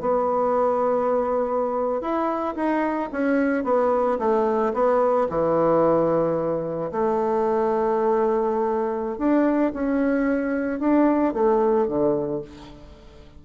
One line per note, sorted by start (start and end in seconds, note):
0.00 2.01 B3
2.01 2.55 E4
2.56 3.10 D#4
3.12 3.64 C#4
3.64 4.18 B3
4.19 4.73 A3
4.73 5.28 B3
5.29 6.91 E3
6.91 9.18 A3
9.18 9.72 D4
9.73 10.80 C#4
10.80 11.33 D4
11.33 11.87 A3
11.87 12.42 D3